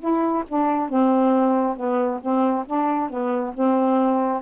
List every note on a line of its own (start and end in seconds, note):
0.00 0.44 E4
0.49 0.89 D4
0.89 1.77 C4
1.77 2.21 B3
2.21 2.66 C4
2.67 3.10 D4
3.10 3.54 B3
3.55 4.43 C4